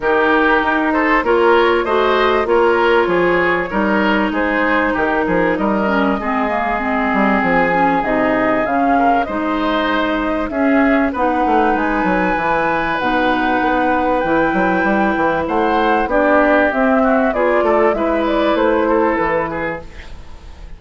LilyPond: <<
  \new Staff \with { instrumentName = "flute" } { \time 4/4 \tempo 4 = 97 ais'4. c''8 cis''4 dis''4 | cis''2. c''4 | ais'4 dis''2. | gis''4 dis''4 f''4 dis''4~ |
dis''4 e''4 fis''4 gis''4~ | gis''4 fis''2 g''4~ | g''4 fis''4 d''4 e''4 | d''4 e''8 d''8 c''4 b'4 | }
  \new Staff \with { instrumentName = "oboe" } { \time 4/4 g'4. a'8 ais'4 c''4 | ais'4 gis'4 ais'4 gis'4 | g'8 gis'8 ais'4 gis'2~ | gis'2~ gis'8 ais'8 c''4~ |
c''4 gis'4 b'2~ | b'1~ | b'4 c''4 g'4. fis'8 | gis'8 a'8 b'4. a'4 gis'8 | }
  \new Staff \with { instrumentName = "clarinet" } { \time 4/4 dis'2 f'4 fis'4 | f'2 dis'2~ | dis'4. cis'8 c'8 ais8 c'4~ | c'8 cis'8 dis'4 cis'4 dis'4~ |
dis'4 cis'4 dis'2 | e'4 dis'2 e'4~ | e'2 d'4 c'4 | f'4 e'2. | }
  \new Staff \with { instrumentName = "bassoon" } { \time 4/4 dis4 dis'4 ais4 a4 | ais4 f4 g4 gis4 | dis8 f8 g4 gis4. g8 | f4 c4 cis4 gis4~ |
gis4 cis'4 b8 a8 gis8 fis8 | e4 b,4 b4 e8 fis8 | g8 e8 a4 b4 c'4 | b8 a8 gis4 a4 e4 | }
>>